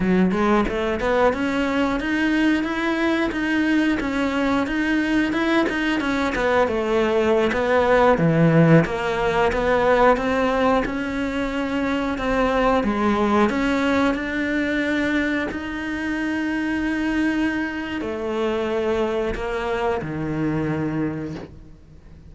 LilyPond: \new Staff \with { instrumentName = "cello" } { \time 4/4 \tempo 4 = 90 fis8 gis8 a8 b8 cis'4 dis'4 | e'4 dis'4 cis'4 dis'4 | e'8 dis'8 cis'8 b8 a4~ a16 b8.~ | b16 e4 ais4 b4 c'8.~ |
c'16 cis'2 c'4 gis8.~ | gis16 cis'4 d'2 dis'8.~ | dis'2. a4~ | a4 ais4 dis2 | }